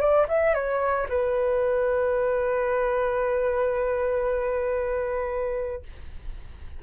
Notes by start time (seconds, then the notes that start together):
0.00 D5
0.28 E5
0.54 C#5
1.09 B4